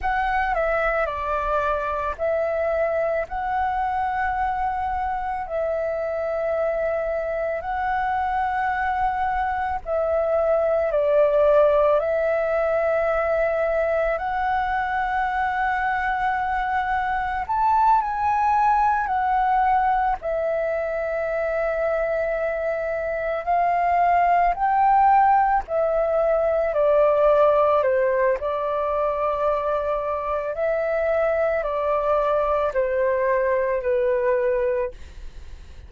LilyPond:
\new Staff \with { instrumentName = "flute" } { \time 4/4 \tempo 4 = 55 fis''8 e''8 d''4 e''4 fis''4~ | fis''4 e''2 fis''4~ | fis''4 e''4 d''4 e''4~ | e''4 fis''2. |
a''8 gis''4 fis''4 e''4.~ | e''4. f''4 g''4 e''8~ | e''8 d''4 c''8 d''2 | e''4 d''4 c''4 b'4 | }